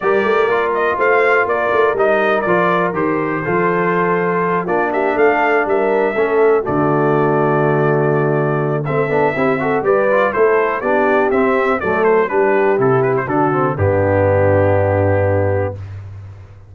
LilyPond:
<<
  \new Staff \with { instrumentName = "trumpet" } { \time 4/4 \tempo 4 = 122 d''4. dis''8 f''4 d''4 | dis''4 d''4 c''2~ | c''4. d''8 e''8 f''4 e''8~ | e''4. d''2~ d''8~ |
d''2 e''2 | d''4 c''4 d''4 e''4 | d''8 c''8 b'4 a'8 b'16 c''16 a'4 | g'1 | }
  \new Staff \with { instrumentName = "horn" } { \time 4/4 ais'2 c''4 ais'4~ | ais'2. a'4~ | a'4. f'8 g'8 a'4 ais'8~ | ais'8 a'4 fis'2~ fis'8~ |
fis'2 a'4 g'8 a'8 | b'4 a'4 g'2 | a'4 g'2 fis'4 | d'1 | }
  \new Staff \with { instrumentName = "trombone" } { \time 4/4 g'4 f'2. | dis'4 f'4 g'4 f'4~ | f'4. d'2~ d'8~ | d'8 cis'4 a2~ a8~ |
a2 c'8 d'8 e'8 fis'8 | g'8 f'8 e'4 d'4 c'4 | a4 d'4 e'4 d'8 c'8 | b1 | }
  \new Staff \with { instrumentName = "tuba" } { \time 4/4 g8 a8 ais4 a4 ais8 a8 | g4 f4 dis4 f4~ | f4. ais4 a4 g8~ | g8 a4 d2~ d8~ |
d2 a8 b8 c'4 | g4 a4 b4 c'4 | fis4 g4 c4 d4 | g,1 | }
>>